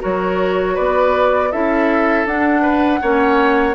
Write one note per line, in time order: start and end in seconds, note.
0.00 0.78 F#3
0.00 1.50 F#4
0.00 0.74 A#4
0.00 0.76 C#5
0.74 1.53 B3
0.74 1.49 B4
0.74 1.51 D5
1.51 2.25 C#4
1.51 2.27 E4
1.51 2.62 A4
1.51 2.26 E5
2.25 3.00 D4
2.25 3.02 D4
2.25 3.75 F#5
2.62 2.99 B4
3.01 3.75 A#3
3.01 3.75 C#4
3.01 3.75 C#5